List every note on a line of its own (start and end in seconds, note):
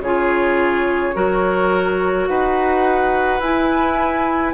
0.00 1.13 C#3
0.00 1.14 F4
0.00 1.16 G#4
0.00 2.28 C#5
1.14 2.29 F#3
1.14 3.41 F#4
1.14 2.29 A#4
2.28 3.41 D#4
2.28 4.54 B4
2.28 3.41 F#5
3.41 4.54 E4
3.41 4.54 G#5